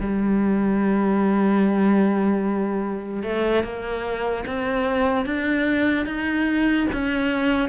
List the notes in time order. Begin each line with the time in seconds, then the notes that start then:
0.00 G3
3.23 A3
3.63 A#3
4.46 C4
5.26 D4
6.06 D#4
6.93 C#4